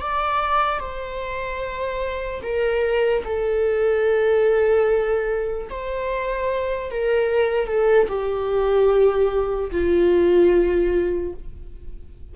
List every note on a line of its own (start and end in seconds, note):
0.00 0.79 D5
0.79 2.41 C5
2.43 3.24 A#4
3.24 5.68 A4
5.69 6.91 C5
6.91 7.67 A#4
7.67 8.07 A4
8.08 9.70 G4
9.71 11.33 F4